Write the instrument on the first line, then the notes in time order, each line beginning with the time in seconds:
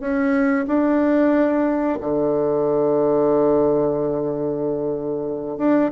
bassoon
0.00 C#4
0.67 D4
2.00 D3
5.58 D4